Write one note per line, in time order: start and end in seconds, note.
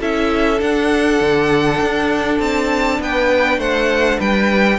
0.00 0.61 C#4
0.00 0.59 E4
0.00 3.00 A4
0.00 0.61 E5
0.59 4.79 D4
0.59 1.21 D4
0.59 2.40 F#5
1.21 1.81 D3
1.81 2.39 D4
2.39 2.99 C4
2.39 3.00 A5
3.00 3.58 B3
3.00 3.59 B4
3.00 3.60 G5
3.58 4.18 A3
3.58 4.19 C5
3.58 4.20 F#5
4.19 4.79 G3
4.19 4.79 B4
4.19 4.79 G5